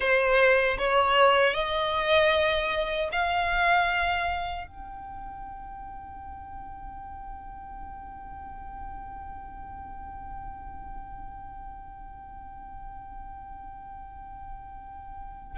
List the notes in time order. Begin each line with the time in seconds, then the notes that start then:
0.00 C5
0.78 C#5
1.53 D#5
3.12 F5
4.67 G5